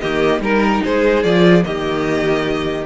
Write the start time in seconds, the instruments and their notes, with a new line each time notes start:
0.00 cello D#3, viola A#3, violin G4 D#5
0.40 cello G3, viola D#4, violin A#4
0.84 cello G#3, violin G#4 C5
1.23 cello F3, viola F4, violin D5
1.62 cello D#3, viola A#3, violin G4 D#5